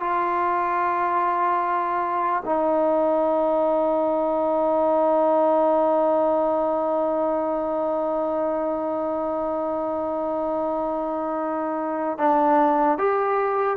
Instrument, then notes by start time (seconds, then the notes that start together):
trombone
0.00 F4
2.45 D#4
12.18 D4
12.98 G4